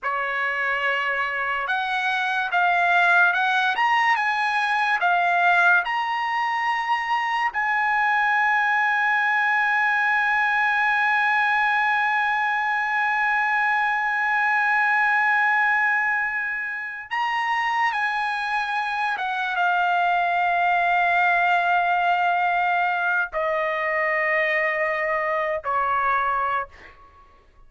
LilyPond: \new Staff \with { instrumentName = "trumpet" } { \time 4/4 \tempo 4 = 72 cis''2 fis''4 f''4 | fis''8 ais''8 gis''4 f''4 ais''4~ | ais''4 gis''2.~ | gis''1~ |
gis''1~ | gis''8 ais''4 gis''4. fis''8 f''8~ | f''1 | dis''2~ dis''8. cis''4~ cis''16 | }